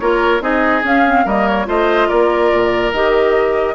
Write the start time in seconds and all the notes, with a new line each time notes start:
0.00 A#3 F4 A#4 C#5
0.41 C4 D#4 G#4 D#5
0.84 C#4 F5
1.06 C4
1.26 G3 A#3 A#4 D#5
1.48 C#5
1.66 A3 F4 C5 D#5
2.09 A#3 A#4 D5
2.53 A#2
2.93 D#3 G4 D#5